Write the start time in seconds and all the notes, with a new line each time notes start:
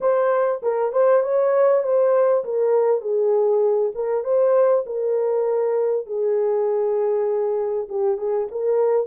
0.00 C5
0.62 A#4
0.92 C5
1.22 C#5
1.83 C5
2.44 A#4
3.01 G#4
3.94 A#4
4.23 C5
4.85 A#4
6.06 G#4
7.88 G4
8.17 G#4
8.51 A#4